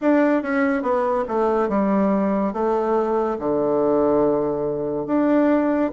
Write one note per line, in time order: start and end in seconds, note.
0.01 0.42 D4
0.42 0.82 C#4
0.82 1.24 B3
1.28 1.69 A3
1.69 2.53 G3
2.53 3.37 A3
3.38 5.06 D3
5.06 5.91 D4